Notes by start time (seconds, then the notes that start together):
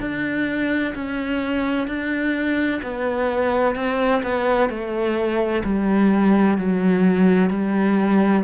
0.00 D4
0.95 C#4
1.87 D4
2.83 B3
3.75 C4
4.23 B3
4.70 A3
5.65 G3
6.58 F#3
7.50 G3